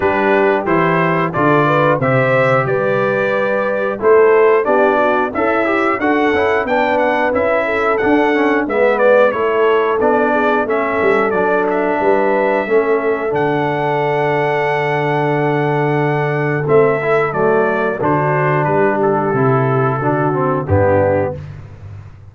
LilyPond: <<
  \new Staff \with { instrumentName = "trumpet" } { \time 4/4 \tempo 4 = 90 b'4 c''4 d''4 e''4 | d''2 c''4 d''4 | e''4 fis''4 g''8 fis''8 e''4 | fis''4 e''8 d''8 cis''4 d''4 |
e''4 d''8 e''2~ e''8 | fis''1~ | fis''4 e''4 d''4 c''4 | b'8 a'2~ a'8 g'4 | }
  \new Staff \with { instrumentName = "horn" } { \time 4/4 g'2 a'8 b'8 c''4 | b'2 a'4 g'8 fis'8 | e'4 a'4 b'4. a'8~ | a'4 b'4 a'4. gis'8 |
a'2 b'4 a'4~ | a'1~ | a'2. fis'4 | g'2 fis'4 d'4 | }
  \new Staff \with { instrumentName = "trombone" } { \time 4/4 d'4 e'4 f'4 g'4~ | g'2 e'4 d'4 | a'8 g'8 fis'8 e'8 d'4 e'4 | d'8 cis'8 b4 e'4 d'4 |
cis'4 d'2 cis'4 | d'1~ | d'4 c'8 e'8 a4 d'4~ | d'4 e'4 d'8 c'8 b4 | }
  \new Staff \with { instrumentName = "tuba" } { \time 4/4 g4 e4 d4 c4 | g2 a4 b4 | cis'4 d'8 cis'8 b4 cis'4 | d'4 gis4 a4 b4 |
a8 g8 fis4 g4 a4 | d1~ | d4 a4 fis4 d4 | g4 c4 d4 g,4 | }
>>